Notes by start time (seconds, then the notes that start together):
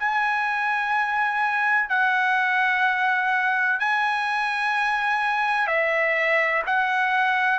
0.00 G#5
1.90 F#5
3.80 G#5
5.68 E5
6.67 F#5